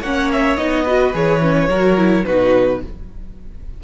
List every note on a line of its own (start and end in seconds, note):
0.00 0.57 A#3
0.00 0.58 C#4
0.00 0.84 C#5
0.00 0.31 F#5
0.32 0.57 E5
0.57 1.14 B3
0.57 0.86 D#4
0.57 1.13 D#5
0.84 1.13 F#4
0.84 1.68 B4
1.13 1.69 E3
1.13 1.41 G#4
1.13 2.25 C#5
1.42 1.70 C#4
1.69 2.25 F#3
1.69 1.97 F#4
1.69 2.26 A#4
1.97 2.25 E4
2.25 2.84 B2
2.25 2.83 D#4
2.25 2.82 F#4
2.25 2.81 B4